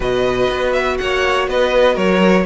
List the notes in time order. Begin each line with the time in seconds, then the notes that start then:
0.00 B2 F#4 B4 D#5
0.49 B3
0.72 E5
0.97 A#3 C#5 F#5
1.47 B3 B4 D#5
1.94 F#3 A#4 C#5